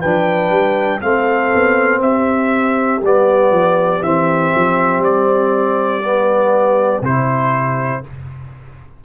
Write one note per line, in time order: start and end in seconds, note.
0.00 0.50 F3
0.00 1.01 D4
0.00 1.00 B4
0.00 1.01 G5
0.50 1.00 G3
1.01 1.53 A3
1.01 3.01 C4
1.01 2.03 A4
1.01 2.01 F5
1.54 2.01 B3
2.01 3.01 C4
2.01 8.03 G4
2.01 3.02 E5
3.02 3.51 G3
3.02 4.03 B3
3.02 4.03 D5
3.51 4.01 F3
4.02 4.52 E3
4.02 6.02 C4
4.02 5.03 E5
4.55 4.98 F3
4.98 6.98 G3
4.98 7.04 D5
6.02 7.02 B3
7.01 8.01 C3
7.01 8.03 E4
7.01 8.04 C5